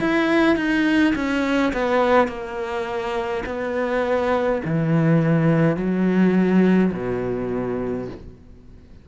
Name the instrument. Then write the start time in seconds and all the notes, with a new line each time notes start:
cello
0.00 E4
0.56 D#4
1.15 C#4
1.73 B3
2.28 A#3
3.46 B3
4.65 E3
5.77 F#3
6.92 B2